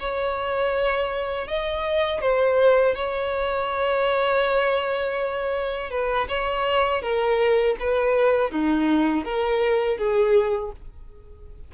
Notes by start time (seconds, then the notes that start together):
0.00 C#5
1.48 D#5
2.22 C5
2.96 C#5
5.91 B4
6.29 C#5
7.02 A#4
7.80 B4
8.52 D#4
9.25 A#4
9.98 G#4